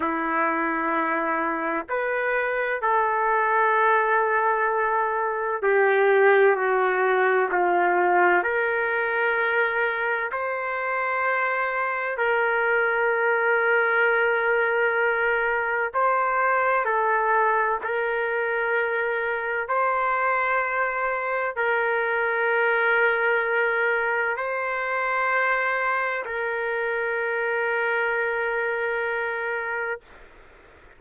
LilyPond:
\new Staff \with { instrumentName = "trumpet" } { \time 4/4 \tempo 4 = 64 e'2 b'4 a'4~ | a'2 g'4 fis'4 | f'4 ais'2 c''4~ | c''4 ais'2.~ |
ais'4 c''4 a'4 ais'4~ | ais'4 c''2 ais'4~ | ais'2 c''2 | ais'1 | }